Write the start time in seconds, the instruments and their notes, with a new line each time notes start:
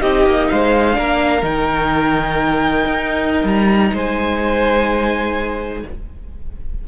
0.00 cello C4, viola D#4, violin G4 D#5
0.25 cello A#3
0.49 cello G#3, violin C5 F5
0.93 cello A#3, viola D4, violin A#4
1.42 cello D#3, viola D#4, violin G5
2.86 cello D#4
3.43 cello G3, violin A#5
3.93 cello G#3, violin C5 G#5